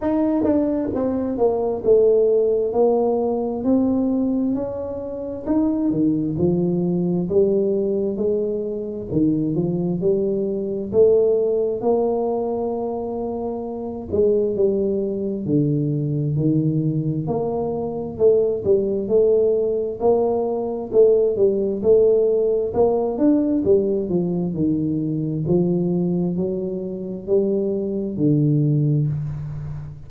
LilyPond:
\new Staff \with { instrumentName = "tuba" } { \time 4/4 \tempo 4 = 66 dis'8 d'8 c'8 ais8 a4 ais4 | c'4 cis'4 dis'8 dis8 f4 | g4 gis4 dis8 f8 g4 | a4 ais2~ ais8 gis8 |
g4 d4 dis4 ais4 | a8 g8 a4 ais4 a8 g8 | a4 ais8 d'8 g8 f8 dis4 | f4 fis4 g4 d4 | }